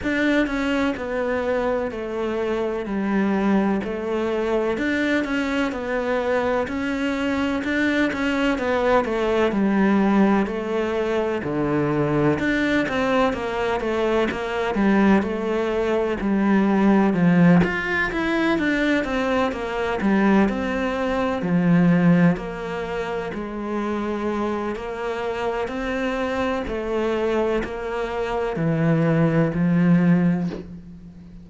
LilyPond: \new Staff \with { instrumentName = "cello" } { \time 4/4 \tempo 4 = 63 d'8 cis'8 b4 a4 g4 | a4 d'8 cis'8 b4 cis'4 | d'8 cis'8 b8 a8 g4 a4 | d4 d'8 c'8 ais8 a8 ais8 g8 |
a4 g4 f8 f'8 e'8 d'8 | c'8 ais8 g8 c'4 f4 ais8~ | ais8 gis4. ais4 c'4 | a4 ais4 e4 f4 | }